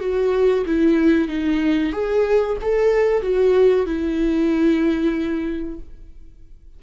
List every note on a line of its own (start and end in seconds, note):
0.00 0.65 F#4
0.66 1.28 E4
1.28 1.92 D#4
1.92 2.56 G#4
2.61 3.22 A4
3.22 3.86 F#4
3.86 5.79 E4